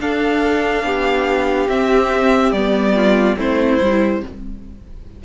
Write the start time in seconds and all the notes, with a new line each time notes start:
0.00 D4 A4 F5
0.83 B3 G4
1.69 C4 E5
2.52 G3 B3 D5
2.95 F4
3.36 A3 C4 E4 C5
3.81 G3 E4